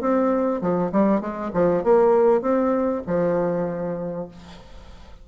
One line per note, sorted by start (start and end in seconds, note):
0.00 0.61 C4
0.61 0.91 F3
0.91 1.20 G3
1.20 1.51 G#3
1.53 1.83 F3
1.83 2.41 A#3
2.41 3.02 C4
3.07 4.28 F3